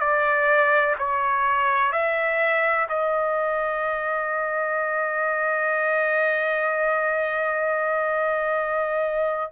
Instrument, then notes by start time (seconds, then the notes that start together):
trumpet
0.00 D5
0.99 C#5
1.92 E5
2.89 D#5